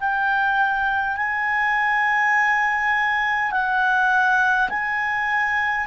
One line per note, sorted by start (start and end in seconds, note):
0.00 1.17 G5
1.17 3.51 G#5
3.51 4.69 F#5
4.70 5.87 G#5